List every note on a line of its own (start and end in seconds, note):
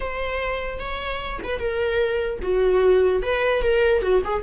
0.00 0.79 C5
0.79 1.39 C#5
1.43 1.59 B4
1.59 2.39 A#4
2.42 3.22 F#4
3.22 3.61 B4
3.61 4.02 A#4
4.02 4.22 F#4
4.24 4.42 G#4